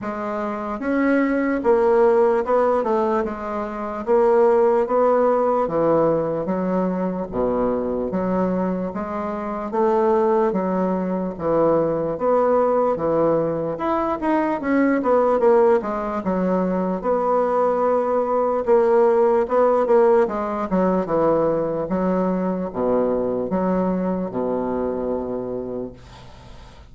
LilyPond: \new Staff \with { instrumentName = "bassoon" } { \time 4/4 \tempo 4 = 74 gis4 cis'4 ais4 b8 a8 | gis4 ais4 b4 e4 | fis4 b,4 fis4 gis4 | a4 fis4 e4 b4 |
e4 e'8 dis'8 cis'8 b8 ais8 gis8 | fis4 b2 ais4 | b8 ais8 gis8 fis8 e4 fis4 | b,4 fis4 b,2 | }